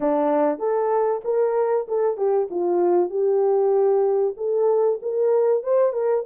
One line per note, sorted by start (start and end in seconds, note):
0.00 0.59 D4
0.59 1.21 A4
1.24 1.87 A#4
1.88 2.17 A4
2.17 2.48 G4
2.50 3.09 F4
3.09 4.34 G4
4.37 4.99 A4
5.02 5.63 A#4
5.63 5.93 C5
5.93 6.24 A#4